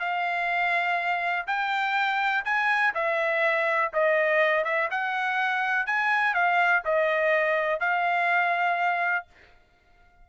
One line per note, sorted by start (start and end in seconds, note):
0.00 1.46 F5
1.47 2.45 G5
2.45 2.94 G#5
2.95 3.92 E5
3.94 4.65 D#5
4.65 4.89 E5
4.91 5.87 F#5
5.87 6.34 G#5
6.34 6.83 F5
6.85 7.80 D#5
7.80 9.27 F5